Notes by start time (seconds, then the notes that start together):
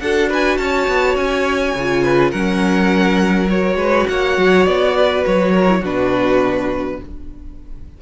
0.00 D4 F#4 A4 F#5
0.30 B4 G#5
0.57 C#4 C#5 A5
0.88 B3
1.16 C#4 G#5
1.75 C#3 F4
2.03 B4
2.31 F#3 C#4 A#4 F#5
3.48 F#4 C#5
3.76 G#3 B4
4.08 A#3 C#5 F#5
4.37 F#3
4.66 B3 D5
4.97 B4
5.26 F#3 C#5
5.52 A#4
5.68 E4
5.80 B2 D4 F#4 B4